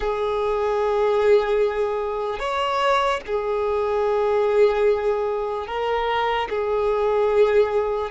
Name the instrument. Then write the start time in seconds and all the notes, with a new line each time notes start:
violin
0.00 G#4
2.39 C#5
3.26 G#4
5.67 A#4
6.49 G#4